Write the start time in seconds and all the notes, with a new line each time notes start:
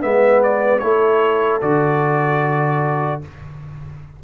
0.00 G#3 B3 B4 E5
0.43 D5
0.79 A3 E4 A4 C#5
1.61 D3 F#4 D5